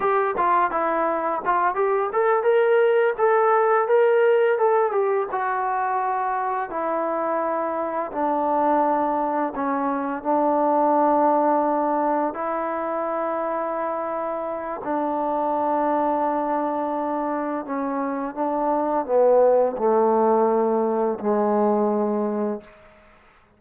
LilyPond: \new Staff \with { instrumentName = "trombone" } { \time 4/4 \tempo 4 = 85 g'8 f'8 e'4 f'8 g'8 a'8 ais'8~ | ais'8 a'4 ais'4 a'8 g'8 fis'8~ | fis'4. e'2 d'8~ | d'4. cis'4 d'4.~ |
d'4. e'2~ e'8~ | e'4 d'2.~ | d'4 cis'4 d'4 b4 | a2 gis2 | }